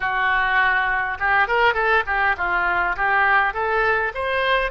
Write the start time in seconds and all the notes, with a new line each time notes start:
0.00 F#4
1.19 G4
1.47 A#4
1.74 A4
2.06 G4
2.37 F4
2.96 G4
3.53 A4
4.14 C5